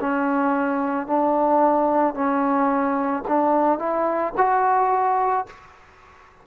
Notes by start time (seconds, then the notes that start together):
0.00 C#4
1.06 D4
2.14 C#4
3.28 D4
3.78 E4
4.37 F#4